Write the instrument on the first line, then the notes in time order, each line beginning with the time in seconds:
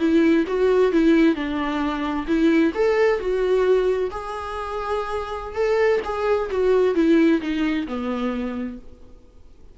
viola
0.00 E4
0.48 F#4
0.92 E4
1.36 D4
2.27 E4
2.75 A4
3.20 F#4
4.11 G#4
5.55 A4
6.05 G#4
6.51 F#4
6.95 E4
7.42 D#4
7.88 B3